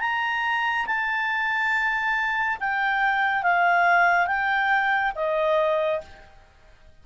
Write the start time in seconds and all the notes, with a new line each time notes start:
0.00 A#5
0.86 A5
2.60 G5
3.43 F5
4.27 G5
5.15 D#5